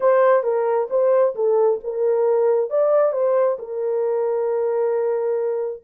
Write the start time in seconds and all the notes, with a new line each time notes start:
0.00 C5
0.43 A#4
0.90 C5
1.35 A4
1.83 A#4
2.69 D5
3.12 C5
3.58 A#4